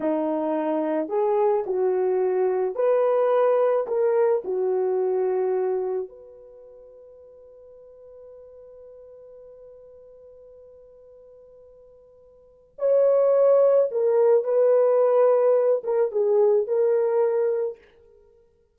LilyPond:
\new Staff \with { instrumentName = "horn" } { \time 4/4 \tempo 4 = 108 dis'2 gis'4 fis'4~ | fis'4 b'2 ais'4 | fis'2. b'4~ | b'1~ |
b'1~ | b'2. cis''4~ | cis''4 ais'4 b'2~ | b'8 ais'8 gis'4 ais'2 | }